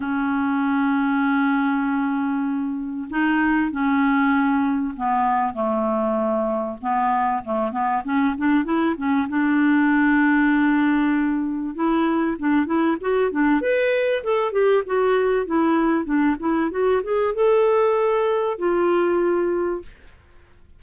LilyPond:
\new Staff \with { instrumentName = "clarinet" } { \time 4/4 \tempo 4 = 97 cis'1~ | cis'4 dis'4 cis'2 | b4 a2 b4 | a8 b8 cis'8 d'8 e'8 cis'8 d'4~ |
d'2. e'4 | d'8 e'8 fis'8 d'8 b'4 a'8 g'8 | fis'4 e'4 d'8 e'8 fis'8 gis'8 | a'2 f'2 | }